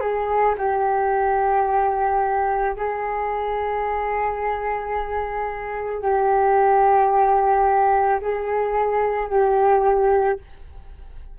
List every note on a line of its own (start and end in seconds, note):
0.00 0.55 G#4
0.58 2.76 G4
2.76 6.02 G#4
6.02 8.20 G4
8.21 9.29 G#4
9.29 10.38 G4